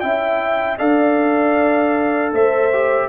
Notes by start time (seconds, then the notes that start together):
0.00 C#4 E4 E5 G5
0.78 D4 A4 D5 F5
2.33 A3 C5 E5
2.73 G4